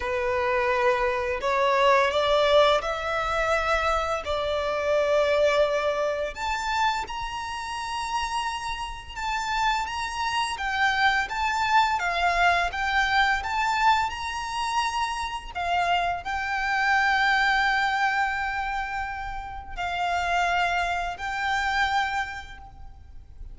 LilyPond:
\new Staff \with { instrumentName = "violin" } { \time 4/4 \tempo 4 = 85 b'2 cis''4 d''4 | e''2 d''2~ | d''4 a''4 ais''2~ | ais''4 a''4 ais''4 g''4 |
a''4 f''4 g''4 a''4 | ais''2 f''4 g''4~ | g''1 | f''2 g''2 | }